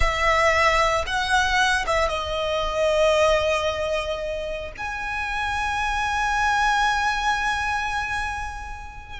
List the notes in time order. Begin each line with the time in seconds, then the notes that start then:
0.00 E5
1.06 F#5
1.86 E5
2.09 D#5
4.77 G#5